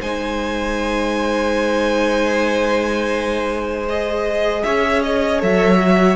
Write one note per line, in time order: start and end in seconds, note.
0.00 4.63 G#3
0.00 3.88 D#4
0.00 4.62 C5
0.00 3.85 G#5
3.88 5.39 G#4
3.88 4.63 D#5
4.63 5.42 C#4
4.63 6.15 C#5
4.63 5.02 E5
5.02 5.41 D#5
5.39 6.15 F#3
5.39 5.78 A4
5.39 6.15 E5
5.79 6.15 F#4